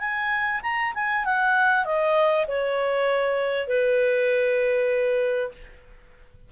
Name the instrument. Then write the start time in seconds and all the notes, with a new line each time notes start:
clarinet
0.00 G#5
0.63 A#5
0.95 G#5
1.25 F#5
1.85 D#5
2.48 C#5
3.68 B4